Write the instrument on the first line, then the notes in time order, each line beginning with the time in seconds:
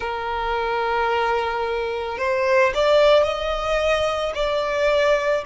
violin
0.00 A#4
2.18 C5
2.74 D5
3.23 D#5
4.34 D5